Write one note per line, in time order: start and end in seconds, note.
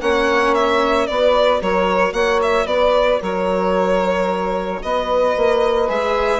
0.00 1.08 A#3
0.00 1.09 C#4
0.00 1.07 C#5
0.00 0.54 F#5
0.54 1.06 E5
1.06 1.61 B3
1.06 5.88 F#4
1.06 1.60 B4
1.06 1.60 D5
1.60 2.12 F#3
1.60 2.12 A#4
1.60 2.13 C#5
2.12 2.65 A#3
2.12 2.66 C#5
2.12 2.39 F#5
2.41 2.66 E5
2.65 3.19 B3
2.65 3.21 B4
2.65 3.20 D5
3.21 4.82 F#3
3.21 4.81 A#4
3.21 4.82 C#5
4.82 5.36 B3
4.82 6.39 B4
4.82 5.89 D#5
5.36 5.89 A#3
5.88 6.39 G#3
5.88 6.39 G#4
5.88 6.39 E5